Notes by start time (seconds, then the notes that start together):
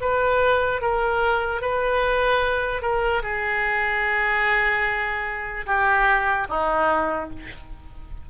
0.00 B4
0.81 A#4
1.61 B4
2.82 A#4
3.22 G#4
5.66 G4
6.49 D#4